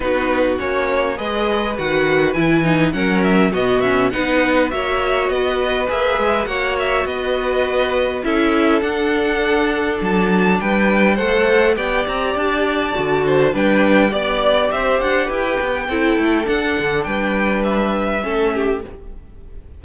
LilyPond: <<
  \new Staff \with { instrumentName = "violin" } { \time 4/4 \tempo 4 = 102 b'4 cis''4 dis''4 fis''4 | gis''4 fis''8 e''8 dis''8 e''8 fis''4 | e''4 dis''4 e''4 fis''8 e''8 | dis''2 e''4 fis''4~ |
fis''4 a''4 g''4 fis''4 | g''8 ais''8 a''2 g''4 | d''4 e''8 fis''8 g''2 | fis''4 g''4 e''2 | }
  \new Staff \with { instrumentName = "violin" } { \time 4/4 fis'2 b'2~ | b'4 ais'4 fis'4 b'4 | cis''4 b'2 cis''4 | b'2 a'2~ |
a'2 b'4 c''4 | d''2~ d''8 c''8 b'4 | d''4 c''4 b'4 a'4~ | a'4 b'2 a'8 g'8 | }
  \new Staff \with { instrumentName = "viola" } { \time 4/4 dis'4 cis'4 gis'4 fis'4 | e'8 dis'8 cis'4 b8 cis'8 dis'4 | fis'2 gis'4 fis'4~ | fis'2 e'4 d'4~ |
d'2. a'4 | g'2 fis'4 d'4 | g'2. e'4 | d'2. cis'4 | }
  \new Staff \with { instrumentName = "cello" } { \time 4/4 b4 ais4 gis4 dis4 | e4 fis4 b,4 b4 | ais4 b4 ais8 gis8 ais4 | b2 cis'4 d'4~ |
d'4 fis4 g4 a4 | b8 c'8 d'4 d4 g4 | b4 c'8 d'8 e'8 b8 c'8 a8 | d'8 d8 g2 a4 | }
>>